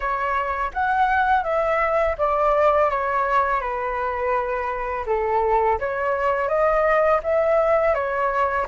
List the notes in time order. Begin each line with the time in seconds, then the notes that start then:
0.00 C#5
0.73 F#5
1.43 E5
2.18 D5
2.90 C#5
3.60 B4
5.06 A4
5.79 C#5
6.48 D#5
7.23 E5
7.94 C#5